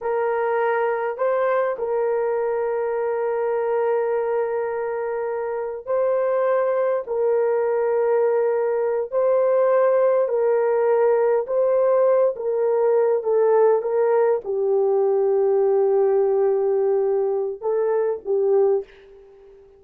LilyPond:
\new Staff \with { instrumentName = "horn" } { \time 4/4 \tempo 4 = 102 ais'2 c''4 ais'4~ | ais'1~ | ais'2 c''2 | ais'2.~ ais'8 c''8~ |
c''4. ais'2 c''8~ | c''4 ais'4. a'4 ais'8~ | ais'8 g'2.~ g'8~ | g'2 a'4 g'4 | }